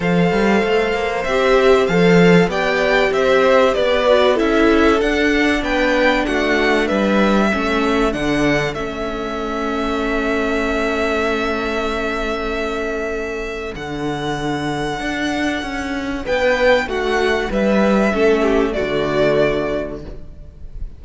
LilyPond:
<<
  \new Staff \with { instrumentName = "violin" } { \time 4/4 \tempo 4 = 96 f''2 e''4 f''4 | g''4 e''4 d''4 e''4 | fis''4 g''4 fis''4 e''4~ | e''4 fis''4 e''2~ |
e''1~ | e''2 fis''2~ | fis''2 g''4 fis''4 | e''2 d''2 | }
  \new Staff \with { instrumentName = "violin" } { \time 4/4 c''1 | d''4 c''4 b'4 a'4~ | a'4 b'4 fis'4 b'4 | a'1~ |
a'1~ | a'1~ | a'2 b'4 fis'4 | b'4 a'8 g'8 fis'2 | }
  \new Staff \with { instrumentName = "viola" } { \time 4/4 a'2 g'4 a'4 | g'2~ g'8 fis'8 e'4 | d'1 | cis'4 d'4 cis'2~ |
cis'1~ | cis'2 d'2~ | d'1~ | d'4 cis'4 a2 | }
  \new Staff \with { instrumentName = "cello" } { \time 4/4 f8 g8 a8 ais8 c'4 f4 | b4 c'4 b4 cis'4 | d'4 b4 a4 g4 | a4 d4 a2~ |
a1~ | a2 d2 | d'4 cis'4 b4 a4 | g4 a4 d2 | }
>>